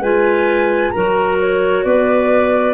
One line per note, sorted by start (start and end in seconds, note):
0.00 0.91 G#3
0.00 0.94 F4
0.00 0.92 B4
0.00 0.91 G#5
0.91 1.85 F#3
0.91 2.74 F#4
0.91 1.84 A#4
0.91 1.37 A#5
1.39 1.84 C#5
1.84 2.74 B3
1.84 2.74 B4
1.84 2.74 D5